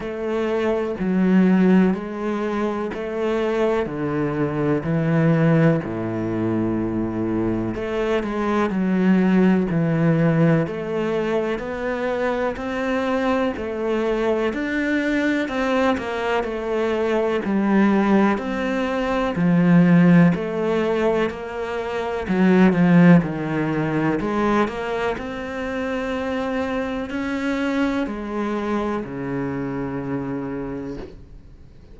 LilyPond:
\new Staff \with { instrumentName = "cello" } { \time 4/4 \tempo 4 = 62 a4 fis4 gis4 a4 | d4 e4 a,2 | a8 gis8 fis4 e4 a4 | b4 c'4 a4 d'4 |
c'8 ais8 a4 g4 c'4 | f4 a4 ais4 fis8 f8 | dis4 gis8 ais8 c'2 | cis'4 gis4 cis2 | }